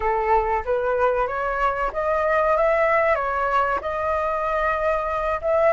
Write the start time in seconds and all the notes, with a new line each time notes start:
0.00 A4
0.65 B4
1.27 C#5
1.93 D#5
2.56 E5
3.15 C#5
3.81 D#5
5.41 E5